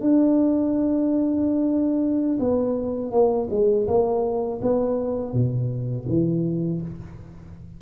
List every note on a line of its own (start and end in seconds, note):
0.00 2.38 D4
2.39 3.11 B3
3.11 3.48 A#3
3.50 3.86 G#3
3.87 4.60 A#3
4.61 5.32 B3
5.32 6.06 B2
6.08 6.81 E3